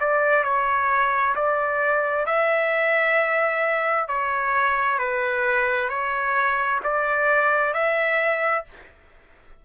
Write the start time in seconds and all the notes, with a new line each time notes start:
0.00 D5
0.44 C#5
1.36 D5
2.26 E5
4.08 C#5
4.98 B4
5.89 C#5
6.84 D5
7.74 E5